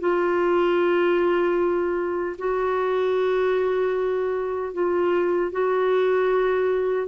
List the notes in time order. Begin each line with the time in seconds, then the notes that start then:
0.00 F4
2.38 F#4
4.73 F4
5.52 F#4